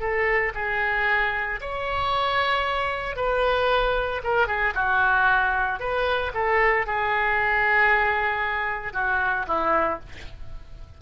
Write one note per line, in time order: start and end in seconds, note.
0.00 0.53 A4
0.55 1.60 G#4
1.61 3.16 C#5
3.16 4.22 B4
4.23 4.47 A#4
4.47 4.74 G#4
4.75 5.80 F#4
5.80 6.33 B4
6.34 6.87 A4
6.87 8.93 G#4
8.93 9.46 F#4
9.47 10.00 E4